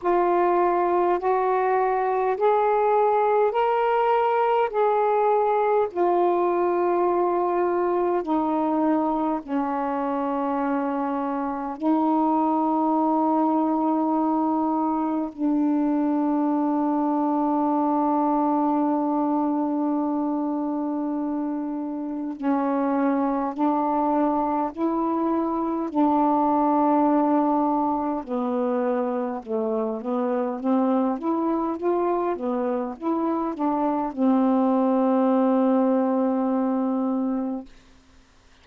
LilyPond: \new Staff \with { instrumentName = "saxophone" } { \time 4/4 \tempo 4 = 51 f'4 fis'4 gis'4 ais'4 | gis'4 f'2 dis'4 | cis'2 dis'2~ | dis'4 d'2.~ |
d'2. cis'4 | d'4 e'4 d'2 | b4 a8 b8 c'8 e'8 f'8 b8 | e'8 d'8 c'2. | }